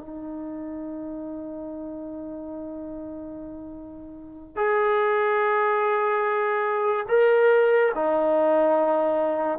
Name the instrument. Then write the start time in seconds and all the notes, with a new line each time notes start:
trombone
0.00 D#4
4.56 G#4
7.08 A#4
7.94 D#4